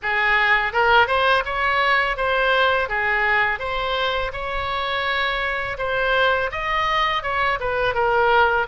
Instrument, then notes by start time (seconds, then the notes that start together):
oboe
0.02 G#4
0.72 A#4
1.07 C5
1.45 C#5
2.17 C5
2.88 G#4
3.59 C5
4.32 C#5
5.78 C5
6.51 D#5
7.23 C#5
7.60 B4
7.94 A#4